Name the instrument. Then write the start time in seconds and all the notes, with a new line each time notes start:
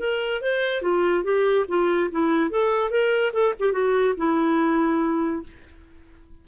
clarinet
0.00 A#4
0.42 C5
0.82 F4
1.24 G4
1.69 F4
2.11 E4
2.51 A4
2.91 A#4
3.33 A4
3.60 G4
3.73 F#4
4.17 E4